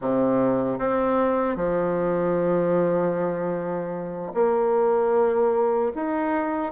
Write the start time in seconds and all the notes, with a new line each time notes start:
0.01 C3
0.79 C4
1.56 F3
4.34 A#3
5.95 D#4